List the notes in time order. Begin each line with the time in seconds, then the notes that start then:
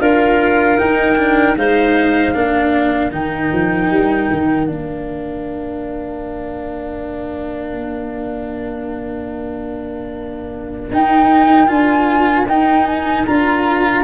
0.00 D4 F4 A#4 F5
0.78 D#4 G5
1.17 D4
1.56 G#3 D#4 C5 F5
2.34 A#3 D4 A#4
3.11 D#3 D#4 G5
3.52 F3
3.90 G3
4.31 D#3
4.66 A#3 D4 F5
10.91 D#4 G5
11.67 D4 F4 G#5
12.46 D#4 G5
12.86 G#5
13.25 D4 F4 A#5